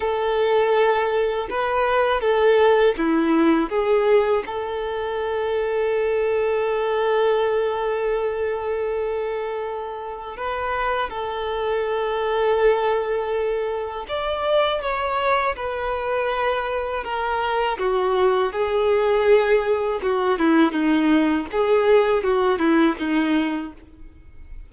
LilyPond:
\new Staff \with { instrumentName = "violin" } { \time 4/4 \tempo 4 = 81 a'2 b'4 a'4 | e'4 gis'4 a'2~ | a'1~ | a'2 b'4 a'4~ |
a'2. d''4 | cis''4 b'2 ais'4 | fis'4 gis'2 fis'8 e'8 | dis'4 gis'4 fis'8 e'8 dis'4 | }